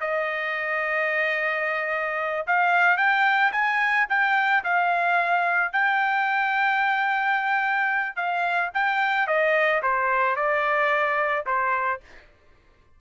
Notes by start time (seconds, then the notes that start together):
0.00 D#5
2.46 F5
2.97 G5
3.52 G#5
4.09 G5
4.64 F5
5.72 G5
8.15 F5
8.74 G5
9.27 D#5
9.82 C5
10.36 D5
11.45 C5